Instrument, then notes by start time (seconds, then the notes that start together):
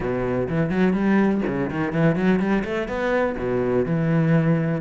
cello
0.00 B2
0.48 E3
0.70 F#3
0.93 G3
1.47 C#3
1.70 D#3
1.92 E3
2.15 F#3
2.39 G3
2.64 A3
2.88 B3
3.38 B2
3.85 E3